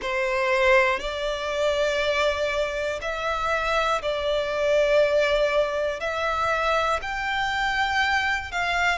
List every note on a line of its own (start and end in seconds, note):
0.01 1.00 C5
1.00 3.00 D5
3.01 4.01 E5
4.01 6.00 D5
6.00 7.00 E5
7.01 8.51 G5
8.51 8.98 F5